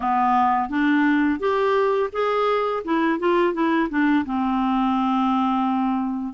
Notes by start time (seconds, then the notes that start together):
0.00 B3
0.69 D4
1.39 G4
2.12 G#4
2.84 E4
3.19 F4
3.53 E4
3.89 D4
4.25 C4